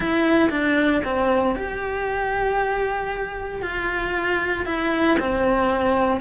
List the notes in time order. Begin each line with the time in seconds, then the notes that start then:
0.00 E4
0.49 D4
1.04 C4
1.55 G4
3.62 F4
4.65 E4
5.19 C4